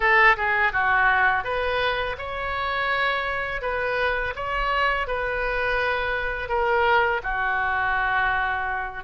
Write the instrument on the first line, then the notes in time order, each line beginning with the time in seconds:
oboe
0.00 A4
0.36 G#4
0.72 F#4
1.44 B4
2.18 C#5
3.61 B4
4.35 C#5
5.07 B4
6.48 A#4
7.23 F#4